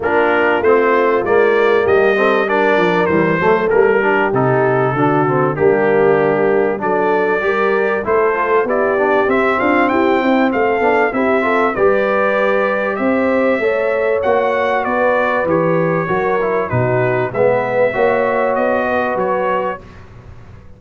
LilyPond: <<
  \new Staff \with { instrumentName = "trumpet" } { \time 4/4 \tempo 4 = 97 ais'4 c''4 d''4 dis''4 | d''4 c''4 ais'4 a'4~ | a'4 g'2 d''4~ | d''4 c''4 d''4 e''8 f''8 |
g''4 f''4 e''4 d''4~ | d''4 e''2 fis''4 | d''4 cis''2 b'4 | e''2 dis''4 cis''4 | }
  \new Staff \with { instrumentName = "horn" } { \time 4/4 f'2. g'8 a'8 | ais'4. a'4 g'4. | fis'4 d'2 a'4 | ais'4 a'4 g'4. f'8 |
g'8 e'8 a'4 g'8 a'8 b'4~ | b'4 c''4 cis''2 | b'2 ais'4 fis'4 | b'4 cis''4. b'4. | }
  \new Staff \with { instrumentName = "trombone" } { \time 4/4 d'4 c'4 ais4. c'8 | d'4 g8 a8 ais8 d'8 dis'4 | d'8 c'8 ais2 d'4 | g'4 e'8 f'8 e'8 d'8 c'4~ |
c'4. d'8 e'8 f'8 g'4~ | g'2 a'4 fis'4~ | fis'4 g'4 fis'8 e'8 dis'4 | b4 fis'2. | }
  \new Staff \with { instrumentName = "tuba" } { \time 4/4 ais4 a4 gis4 g4~ | g8 f8 e8 fis8 g4 c4 | d4 g2 fis4 | g4 a4 b4 c'8 d'8 |
e'8 c'8 a8 b8 c'4 g4~ | g4 c'4 a4 ais4 | b4 e4 fis4 b,4 | gis4 ais4 b4 fis4 | }
>>